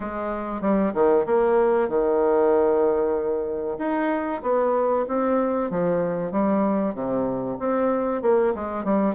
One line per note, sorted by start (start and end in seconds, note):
0.00 0.61 G#3
0.61 0.92 G3
0.94 1.25 D#3
1.26 1.88 A#3
1.88 3.77 D#3
3.78 4.41 D#4
4.42 5.05 B3
5.08 5.70 C4
5.70 6.31 F3
6.31 6.94 G3
6.94 7.57 C3
7.59 8.22 C4
8.22 8.53 A#3
8.54 8.84 G#3
8.84 9.14 G3